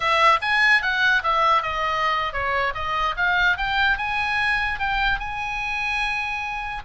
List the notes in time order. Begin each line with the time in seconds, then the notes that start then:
0.00 E5
0.41 G#5
0.82 F#5
1.23 E5
1.62 D#5
2.32 C#5
2.74 D#5
3.16 F5
3.57 G5
3.97 G#5
4.79 G5
5.19 G#5